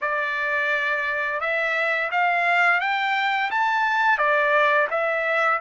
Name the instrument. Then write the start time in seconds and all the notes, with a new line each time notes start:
trumpet
0.01 D5
1.40 E5
2.11 F5
2.80 G5
3.51 A5
4.17 D5
4.90 E5